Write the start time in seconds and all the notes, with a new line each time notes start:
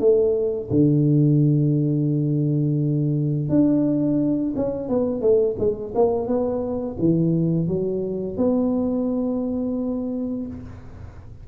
0.00 A3
0.70 D3
3.49 D4
4.56 C#4
4.89 B3
5.21 A3
5.59 G#3
5.95 A#3
6.27 B3
7.00 E3
7.68 F#3
8.38 B3